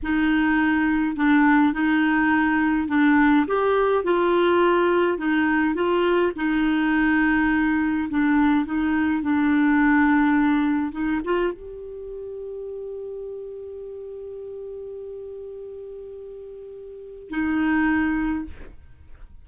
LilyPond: \new Staff \with { instrumentName = "clarinet" } { \time 4/4 \tempo 4 = 104 dis'2 d'4 dis'4~ | dis'4 d'4 g'4 f'4~ | f'4 dis'4 f'4 dis'4~ | dis'2 d'4 dis'4 |
d'2. dis'8 f'8 | g'1~ | g'1~ | g'2 dis'2 | }